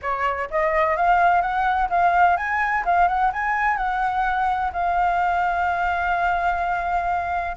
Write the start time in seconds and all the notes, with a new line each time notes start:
0.02 C#5
0.50 D#5
0.96 F5
1.41 F#5
1.89 F5
2.36 G#5
2.85 F5
3.08 F#5
3.32 G#5
3.77 F#5
4.72 F5